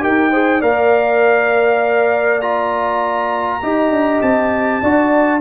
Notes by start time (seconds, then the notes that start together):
0.00 D#4 G4 A#4 G5
0.30 G#4 C5
0.59 A#3 A#4 D5 F5
2.41 F4 A#5
3.62 D#4 G4 D#5
3.90 D4
4.22 C4 A5
4.81 D4 F#4 D5